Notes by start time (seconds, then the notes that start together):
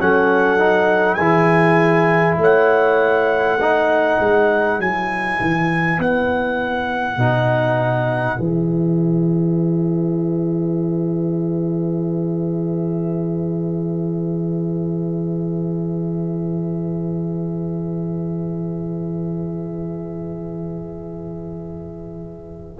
0.00 F#3 C#4 A4 F#5
0.58 D#4
1.15 E3 E4 G#4 G#5
2.38 A3 C#5 F#5
3.61 D#4 B4
4.19 G#3
4.79 F#3 E4 G#5
5.41 E3
5.99 B3 F#5
7.17 B2 D#4
8.38 E3 G#4 E5